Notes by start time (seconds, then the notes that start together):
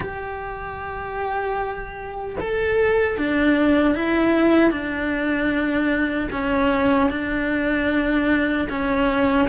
0.00 G4
2.39 A4
3.17 D4
3.94 E4
4.70 D4
6.31 C#4
7.10 D4
8.69 C#4